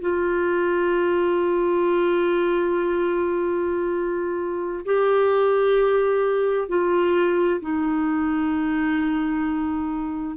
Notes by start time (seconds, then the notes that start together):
0.00 F4
4.85 G4
6.68 F4
7.61 D#4